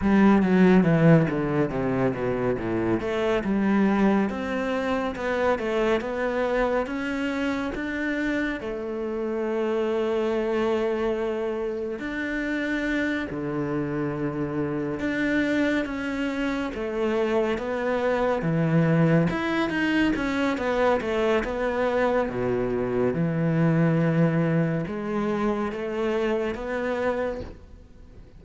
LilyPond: \new Staff \with { instrumentName = "cello" } { \time 4/4 \tempo 4 = 70 g8 fis8 e8 d8 c8 b,8 a,8 a8 | g4 c'4 b8 a8 b4 | cis'4 d'4 a2~ | a2 d'4. d8~ |
d4. d'4 cis'4 a8~ | a8 b4 e4 e'8 dis'8 cis'8 | b8 a8 b4 b,4 e4~ | e4 gis4 a4 b4 | }